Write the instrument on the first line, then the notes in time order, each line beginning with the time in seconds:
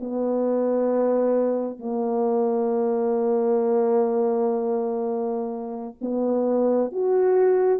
horn
0.00 B3
1.80 A#3
6.01 B3
6.92 F#4